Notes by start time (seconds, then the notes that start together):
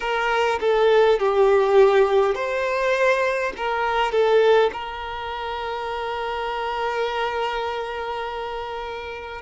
0.00 A#4
0.60 A4
1.19 G4
2.35 C5
3.56 A#4
4.11 A4
4.72 A#4